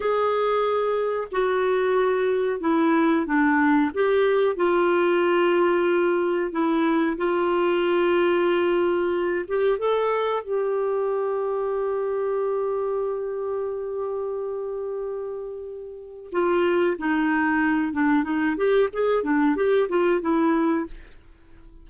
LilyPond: \new Staff \with { instrumentName = "clarinet" } { \time 4/4 \tempo 4 = 92 gis'2 fis'2 | e'4 d'4 g'4 f'4~ | f'2 e'4 f'4~ | f'2~ f'8 g'8 a'4 |
g'1~ | g'1~ | g'4 f'4 dis'4. d'8 | dis'8 g'8 gis'8 d'8 g'8 f'8 e'4 | }